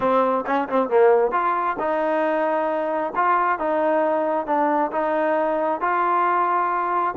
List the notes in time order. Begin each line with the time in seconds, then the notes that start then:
0.00 C4
0.46 C#4
0.68 C4
0.89 A#3
1.31 F4
1.79 D#4
3.15 F4
3.58 D#4
4.46 D4
4.91 D#4
5.80 F4